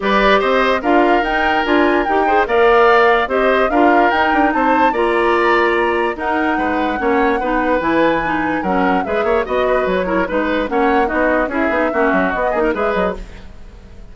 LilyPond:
<<
  \new Staff \with { instrumentName = "flute" } { \time 4/4 \tempo 4 = 146 d''4 dis''4 f''4 g''4 | gis''4 g''4 f''2 | dis''4 f''4 g''4 a''4 | ais''2. fis''4~ |
fis''2. gis''4~ | gis''4 fis''4 e''4 dis''4 | cis''4 b'4 fis''4 dis''4 | e''2 dis''4 e''8 dis''8 | }
  \new Staff \with { instrumentName = "oboe" } { \time 4/4 b'4 c''4 ais'2~ | ais'4. c''8 d''2 | c''4 ais'2 c''4 | d''2. ais'4 |
b'4 cis''4 b'2~ | b'4 ais'4 b'8 cis''8 dis''8 b'8~ | b'8 ais'8 b'4 cis''4 fis'4 | gis'4 fis'4. gis'16 ais'16 b'4 | }
  \new Staff \with { instrumentName = "clarinet" } { \time 4/4 g'2 f'4 dis'4 | f'4 g'8 gis'8 ais'2 | g'4 f'4 dis'2 | f'2. dis'4~ |
dis'4 cis'4 dis'4 e'4 | dis'4 cis'4 gis'4 fis'4~ | fis'8 e'8 dis'4 cis'4 dis'4 | e'8 dis'8 cis'4 b8 dis'8 gis'4 | }
  \new Staff \with { instrumentName = "bassoon" } { \time 4/4 g4 c'4 d'4 dis'4 | d'4 dis'4 ais2 | c'4 d'4 dis'8 d'8 c'4 | ais2. dis'4 |
gis4 ais4 b4 e4~ | e4 fis4 gis8 ais8 b4 | fis4 gis4 ais4 b4 | cis'8 b8 ais8 fis8 b8 ais8 gis8 fis8 | }
>>